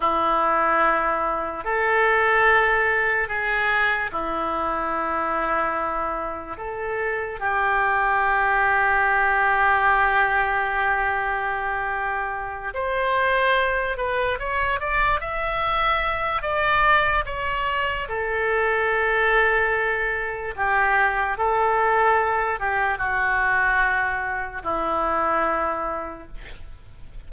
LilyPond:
\new Staff \with { instrumentName = "oboe" } { \time 4/4 \tempo 4 = 73 e'2 a'2 | gis'4 e'2. | a'4 g'2.~ | g'2.~ g'8 c''8~ |
c''4 b'8 cis''8 d''8 e''4. | d''4 cis''4 a'2~ | a'4 g'4 a'4. g'8 | fis'2 e'2 | }